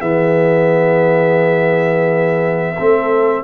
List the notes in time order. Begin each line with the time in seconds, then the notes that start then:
0.00 E3 B3 G#4 E5
2.78 A3 C4 A4